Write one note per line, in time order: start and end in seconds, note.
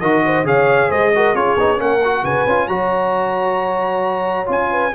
0.00 0.43 D#3
0.00 0.44 F#4
0.00 0.22 A#4
0.00 0.45 D#5
0.25 0.46 C5
0.43 0.88 C#3
0.43 1.11 G#4
0.43 0.89 C#5
0.43 0.91 F5
0.89 1.34 G#3
0.89 1.11 C5
0.89 1.35 D#5
1.15 1.35 F#4
1.15 1.35 A#4
1.34 1.56 C#4
1.34 1.57 F4
1.34 1.80 G#4
1.34 1.80 C#5
1.57 1.79 B3
1.57 1.77 D#4
1.77 2.23 A#3
1.77 1.99 C#4
1.77 2.23 A#4
1.77 2.25 F#5
2.04 2.48 F#4
2.23 2.45 C#3
2.23 2.68 B4
2.23 2.68 G#5
2.46 2.68 C#4
2.46 2.69 F4
2.68 4.47 F#3
2.68 4.45 F#4
2.68 4.70 C#5
2.68 4.47 A#5
4.45 4.93 C#4
4.45 4.90 F4
4.45 4.94 G#5
4.70 4.93 B4